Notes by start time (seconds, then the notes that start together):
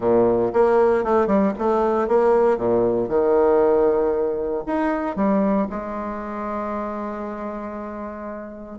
0.00 A#2
0.53 A#3
1.04 A3
1.26 G3
1.58 A3
2.08 A#3
2.57 A#2
3.08 D#3
4.66 D#4
5.16 G3
5.69 G#3